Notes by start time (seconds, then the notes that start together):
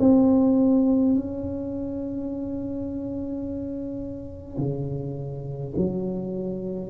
0.00 C4
1.15 C#4
4.58 C#3
5.77 F#3